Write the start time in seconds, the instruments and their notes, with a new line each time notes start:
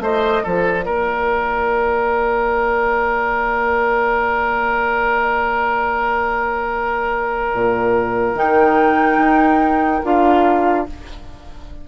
0.00 bassoon A3, clarinet F4, oboe C5, flute D#5
0.43 bassoon F3, oboe A4, flute D5
0.85 bassoon A#3, oboe A#4
7.55 bassoon A#2
8.35 bassoon D#3, clarinet D#4, flute G5
9.18 bassoon D#4
10.03 bassoon D4, clarinet F4, flute F5